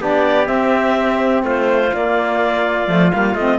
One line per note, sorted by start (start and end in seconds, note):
0.00 0.48 B3
0.00 0.45 D4
0.00 1.45 G4
0.00 0.46 D5
0.45 1.89 C4
0.45 1.43 C4
0.45 1.42 E5
1.43 1.91 A3
1.43 3.59 F4
1.43 1.94 C5
1.93 2.87 A#3
1.93 3.11 D5
2.87 3.11 F3
2.87 3.11 A3
3.11 3.35 G3
3.11 3.37 A#3
3.11 3.34 F5
3.34 3.58 A3
3.34 3.59 C4
3.34 3.58 D#5